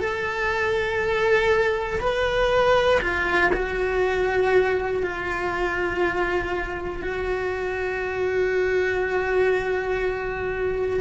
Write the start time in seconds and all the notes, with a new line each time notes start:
0.00 A4
2.01 B4
3.01 F4
3.54 F#4
5.03 F4
7.03 F#4